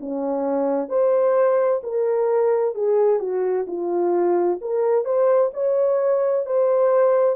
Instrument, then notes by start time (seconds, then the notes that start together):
horn
0.00 C#4
0.89 C5
1.83 A#4
2.75 G#4
3.19 F#4
3.67 F4
4.61 A#4
5.05 C5
5.53 C#5
6.46 C5